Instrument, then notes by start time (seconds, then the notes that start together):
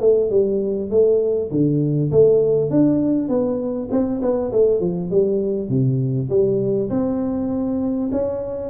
tuba
0.00 A3
0.30 G3
0.90 A3
1.51 D3
2.11 A3
2.70 D4
3.29 B3
3.91 C4
4.22 B3
4.52 A3
4.80 F3
5.11 G3
5.69 C3
6.29 G3
6.90 C4
8.12 C#4